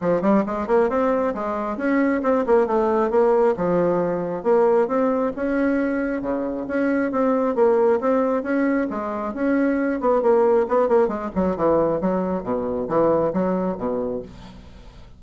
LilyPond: \new Staff \with { instrumentName = "bassoon" } { \time 4/4 \tempo 4 = 135 f8 g8 gis8 ais8 c'4 gis4 | cis'4 c'8 ais8 a4 ais4 | f2 ais4 c'4 | cis'2 cis4 cis'4 |
c'4 ais4 c'4 cis'4 | gis4 cis'4. b8 ais4 | b8 ais8 gis8 fis8 e4 fis4 | b,4 e4 fis4 b,4 | }